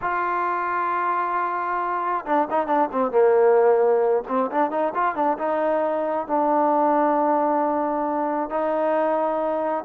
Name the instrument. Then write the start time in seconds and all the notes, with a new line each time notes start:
trombone
0.01 F4
2.25 D4
2.50 D#4
2.66 D4
2.92 C4
3.11 A#3
4.28 C4
4.51 D4
4.70 D#4
4.94 F4
5.15 D4
5.38 D#4
6.27 D4
8.50 D#4